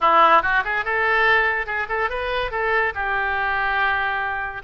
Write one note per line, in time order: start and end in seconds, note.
0.01 0.42 E4
0.42 0.63 F#4
0.64 0.84 G#4
0.84 1.66 A4
1.66 1.87 G#4
1.88 2.09 A4
2.09 2.51 B4
2.51 2.93 A4
2.94 4.62 G4